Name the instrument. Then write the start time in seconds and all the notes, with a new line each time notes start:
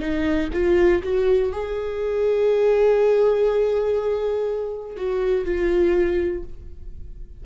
viola
0.00 D#4
0.53 F4
1.03 F#4
1.52 G#4
4.97 F#4
5.45 F4